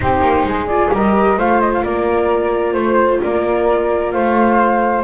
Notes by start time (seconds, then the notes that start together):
0.00 C4 D#4 G4 C5
0.20 A#3
0.44 G#3 G#4
0.66 F4 D5
0.91 G3 G4 A#4 D#5
1.37 A3 F4 C5 F5
1.60 D#5
1.73 F5
1.83 A#3 A#4 D5
2.73 A3 C5
3.22 A#3 A#4 D5
4.11 A3 C5 F5